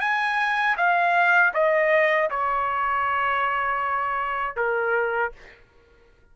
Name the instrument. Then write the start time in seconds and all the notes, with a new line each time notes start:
trumpet
0.00 G#5
0.77 F5
1.54 D#5
2.30 C#5
4.56 A#4